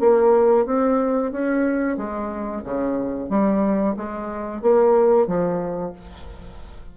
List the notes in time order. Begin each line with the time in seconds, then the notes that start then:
0.00 A#3
0.66 C4
1.32 C#4
1.97 G#3
2.64 C#3
3.29 G3
3.97 G#3
4.62 A#3
5.27 F3